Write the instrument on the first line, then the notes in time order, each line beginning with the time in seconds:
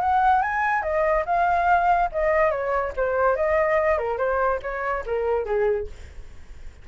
flute
0.00 F#5
0.42 G#5
0.82 D#5
1.25 F5
2.12 D#5
2.50 C#5
2.96 C5
3.36 D#5
3.98 A#4
4.17 C5
4.62 C#5
5.06 A#4
5.45 G#4